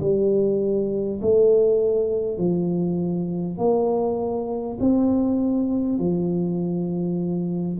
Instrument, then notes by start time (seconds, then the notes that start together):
tuba
0.00 G3
1.22 A3
2.38 F3
3.58 A#3
4.80 C4
5.98 F3